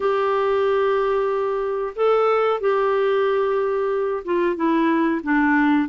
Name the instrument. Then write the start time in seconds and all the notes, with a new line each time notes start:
clarinet
0.00 G4
1.95 A4
2.60 G4
4.24 F4
4.56 E4
5.23 D4